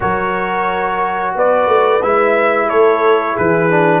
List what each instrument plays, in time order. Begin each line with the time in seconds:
0.00 tuba F#3, trombone F#4, horn A#4, trumpet C#5
1.34 tuba B3, horn B4, trumpet D5
1.67 tuba A3
2.02 tuba G#3, trombone E4, trumpet E5
2.68 tuba A3, horn A4, trumpet C#5
3.33 tuba E3, horn G#4, trumpet B4
3.70 trombone D4